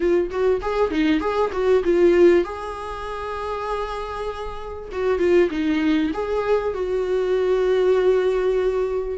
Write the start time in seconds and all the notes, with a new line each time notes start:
0.00 F4
0.30 F#4
0.61 G#4
0.90 D#4
1.20 G#4
1.52 F#4
1.83 F4
2.44 G#4
4.91 F#4
5.18 F4
5.50 D#4
6.13 G#4
6.73 F#4